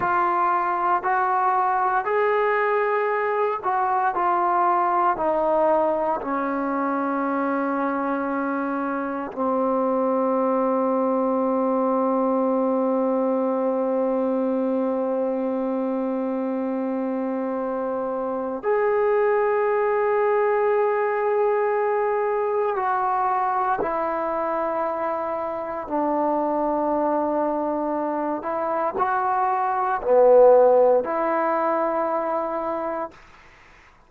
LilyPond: \new Staff \with { instrumentName = "trombone" } { \time 4/4 \tempo 4 = 58 f'4 fis'4 gis'4. fis'8 | f'4 dis'4 cis'2~ | cis'4 c'2.~ | c'1~ |
c'2 gis'2~ | gis'2 fis'4 e'4~ | e'4 d'2~ d'8 e'8 | fis'4 b4 e'2 | }